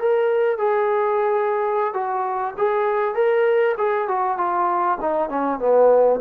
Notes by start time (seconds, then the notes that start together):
0.00 A#4
0.58 G#4
1.94 F#4
2.58 G#4
3.15 A#4
3.78 G#4
4.08 F#4
4.38 F4
5.01 D#4
5.29 C#4
5.60 B3